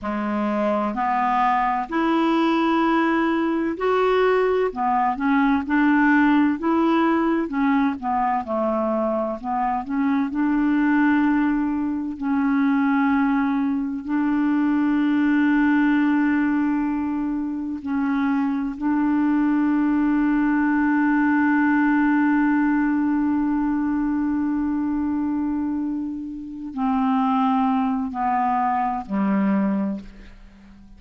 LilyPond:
\new Staff \with { instrumentName = "clarinet" } { \time 4/4 \tempo 4 = 64 gis4 b4 e'2 | fis'4 b8 cis'8 d'4 e'4 | cis'8 b8 a4 b8 cis'8 d'4~ | d'4 cis'2 d'4~ |
d'2. cis'4 | d'1~ | d'1~ | d'8 c'4. b4 g4 | }